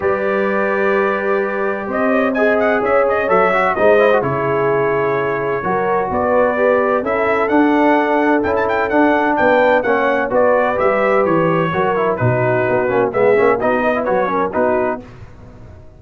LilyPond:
<<
  \new Staff \with { instrumentName = "trumpet" } { \time 4/4 \tempo 4 = 128 d''1 | dis''4 gis''8 fis''8 e''8 dis''8 e''4 | dis''4 cis''2.~ | cis''4 d''2 e''4 |
fis''2 g''16 a''16 g''8 fis''4 | g''4 fis''4 d''4 e''4 | cis''2 b'2 | e''4 dis''4 cis''4 b'4 | }
  \new Staff \with { instrumentName = "horn" } { \time 4/4 b'1 | c''8 cis''8 dis''4 cis''2 | c''4 gis'2. | ais'4 b'2 a'4~ |
a'1 | b'4 cis''4 b'2~ | b'4 ais'4 fis'2 | gis'4 fis'8 b'4 ais'8 fis'4 | }
  \new Staff \with { instrumentName = "trombone" } { \time 4/4 g'1~ | g'4 gis'2 a'8 fis'8 | dis'8 e'16 fis'16 e'2. | fis'2 g'4 e'4 |
d'2 e'4 d'4~ | d'4 cis'4 fis'4 g'4~ | g'4 fis'8 e'8 dis'4. cis'8 | b8 cis'8 dis'8. e'16 fis'8 cis'8 dis'4 | }
  \new Staff \with { instrumentName = "tuba" } { \time 4/4 g1 | c'2 cis'4 fis4 | gis4 cis2. | fis4 b2 cis'4 |
d'2 cis'4 d'4 | b4 ais4 b4 g4 | e4 fis4 b,4 b8 ais8 | gis8 ais8 b4 fis4 b4 | }
>>